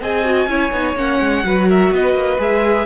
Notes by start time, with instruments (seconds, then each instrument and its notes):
0.00 cello C4, viola G#4, violin D#5 G#5
0.24 viola F#4
0.46 cello C#4, viola E4, violin C#5
0.71 cello B3, viola D#4
0.95 cello A#3, viola C#4, violin F#5
1.20 cello G#3
1.44 cello F#3, viola F#4, violin B4
1.68 violin A#4 E5
1.90 cello B3, violin B4 D#5
2.14 cello A#3
2.38 cello G#3, viola G#4, violin E5